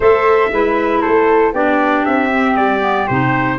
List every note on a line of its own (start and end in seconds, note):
0.00 0.50 A3
0.00 0.52 A4
0.00 0.49 C5
0.00 1.01 E5
0.51 1.02 G#3
0.51 1.54 E4
0.51 1.01 B4
1.01 1.52 A3
1.01 1.52 A4
1.01 1.52 C5
1.52 2.04 B3
1.52 2.31 D4
1.52 3.58 G4
1.52 2.05 D5
2.05 2.55 C4
2.05 2.56 E5
2.31 2.81 C4
2.55 3.07 G3
2.55 3.07 D5
2.81 3.06 B3
3.07 3.58 C3
3.07 3.58 D#4
3.07 3.58 C5